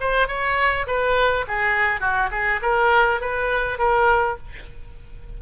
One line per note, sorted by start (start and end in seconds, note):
0.00 0.28 C5
0.28 0.86 C#5
0.86 1.45 B4
1.47 2.00 G#4
2.00 2.29 F#4
2.31 2.60 G#4
2.62 3.21 A#4
3.21 3.78 B4
3.78 4.37 A#4